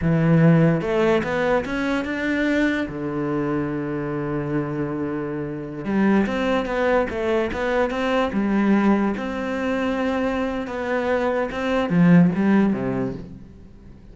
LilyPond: \new Staff \with { instrumentName = "cello" } { \time 4/4 \tempo 4 = 146 e2 a4 b4 | cis'4 d'2 d4~ | d1~ | d2~ d16 g4 c'8.~ |
c'16 b4 a4 b4 c'8.~ | c'16 g2 c'4.~ c'16~ | c'2 b2 | c'4 f4 g4 c4 | }